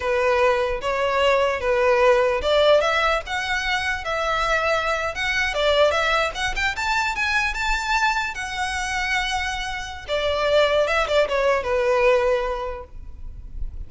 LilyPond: \new Staff \with { instrumentName = "violin" } { \time 4/4 \tempo 4 = 149 b'2 cis''2 | b'2 d''4 e''4 | fis''2 e''2~ | e''8. fis''4 d''4 e''4 fis''16~ |
fis''16 g''8 a''4 gis''4 a''4~ a''16~ | a''8. fis''2.~ fis''16~ | fis''4 d''2 e''8 d''8 | cis''4 b'2. | }